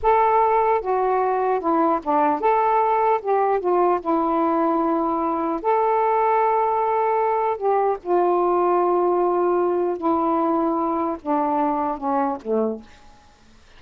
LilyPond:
\new Staff \with { instrumentName = "saxophone" } { \time 4/4 \tempo 4 = 150 a'2 fis'2 | e'4 d'4 a'2 | g'4 f'4 e'2~ | e'2 a'2~ |
a'2. g'4 | f'1~ | f'4 e'2. | d'2 cis'4 a4 | }